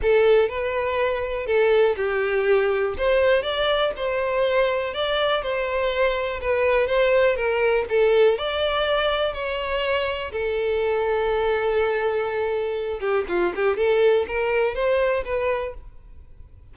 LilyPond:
\new Staff \with { instrumentName = "violin" } { \time 4/4 \tempo 4 = 122 a'4 b'2 a'4 | g'2 c''4 d''4 | c''2 d''4 c''4~ | c''4 b'4 c''4 ais'4 |
a'4 d''2 cis''4~ | cis''4 a'2.~ | a'2~ a'8 g'8 f'8 g'8 | a'4 ais'4 c''4 b'4 | }